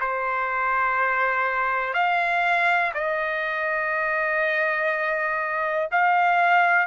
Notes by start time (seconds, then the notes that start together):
0.00 C5
1.94 F5
2.94 D#5
5.91 F5